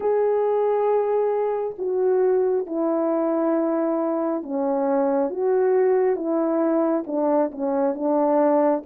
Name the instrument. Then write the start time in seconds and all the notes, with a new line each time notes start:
horn
0.00 G#4
1.78 F#4
2.66 E4
4.42 C#4
5.29 F#4
6.15 E4
7.06 D4
7.51 C#4
7.94 D4